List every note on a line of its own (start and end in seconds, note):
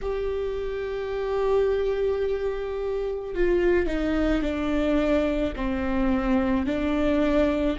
0.01 3.34 G4
3.34 3.86 F4
3.86 4.41 D#4
4.41 5.53 D4
5.56 6.66 C4
6.66 7.77 D4